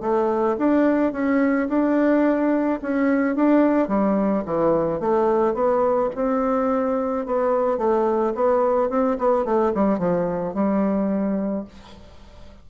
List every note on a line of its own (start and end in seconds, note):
0.00 0.56 A3
0.58 1.12 D4
1.12 1.68 C#4
1.68 2.79 D4
2.82 3.35 C#4
3.35 3.88 D4
3.88 4.43 G3
4.45 5.00 E3
5.00 5.54 A3
5.54 6.09 B3
6.15 7.26 C4
7.26 7.78 B3
7.78 8.33 A3
8.35 8.89 B3
8.89 9.17 C4
9.18 9.44 B3
9.44 9.72 A3
9.74 9.98 G3
9.98 10.54 F3
10.54 11.65 G3